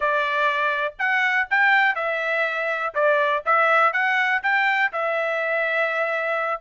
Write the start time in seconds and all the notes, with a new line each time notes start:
0.00 D5
0.98 F#5
1.50 G5
1.95 E5
2.94 D5
3.45 E5
3.93 F#5
4.42 G5
4.92 E5